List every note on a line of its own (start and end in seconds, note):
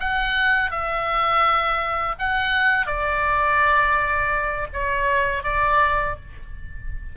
0.00 0.71 F#5
0.71 2.16 E5
2.19 2.87 F#5
2.87 4.67 D5
4.73 5.43 C#5
5.43 6.16 D5